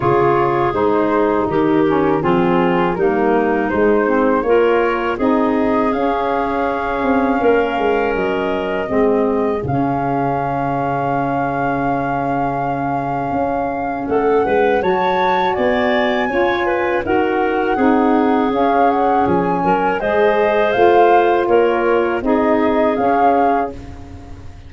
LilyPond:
<<
  \new Staff \with { instrumentName = "flute" } { \time 4/4 \tempo 4 = 81 cis''4 c''4 ais'4 gis'4 | ais'4 c''4 cis''4 dis''4 | f''2. dis''4~ | dis''4 f''2.~ |
f''2. fis''4 | a''4 gis''2 fis''4~ | fis''4 f''8 fis''8 gis''4 dis''4 | f''4 cis''4 dis''4 f''4 | }
  \new Staff \with { instrumentName = "clarinet" } { \time 4/4 gis'2 g'4 f'4 | dis'2 ais'4 gis'4~ | gis'2 ais'2 | gis'1~ |
gis'2. a'8 b'8 | cis''4 d''4 cis''8 b'8 ais'4 | gis'2~ gis'8 ais'8 c''4~ | c''4 ais'4 gis'2 | }
  \new Staff \with { instrumentName = "saxophone" } { \time 4/4 f'4 dis'4. cis'8 c'4 | ais4 gis8 c'8 f'4 dis'4 | cis'1 | c'4 cis'2.~ |
cis'1 | fis'2 f'4 fis'4 | dis'4 cis'2 gis'4 | f'2 dis'4 cis'4 | }
  \new Staff \with { instrumentName = "tuba" } { \time 4/4 cis4 gis4 dis4 f4 | g4 gis4 ais4 c'4 | cis'4. c'8 ais8 gis8 fis4 | gis4 cis2.~ |
cis2 cis'4 a8 gis8 | fis4 b4 cis'4 dis'4 | c'4 cis'4 f8 fis8 gis4 | a4 ais4 c'4 cis'4 | }
>>